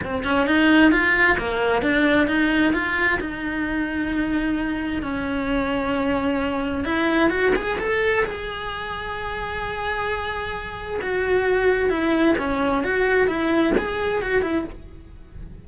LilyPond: \new Staff \with { instrumentName = "cello" } { \time 4/4 \tempo 4 = 131 c'8 cis'8 dis'4 f'4 ais4 | d'4 dis'4 f'4 dis'4~ | dis'2. cis'4~ | cis'2. e'4 |
fis'8 gis'8 a'4 gis'2~ | gis'1 | fis'2 e'4 cis'4 | fis'4 e'4 gis'4 fis'8 e'8 | }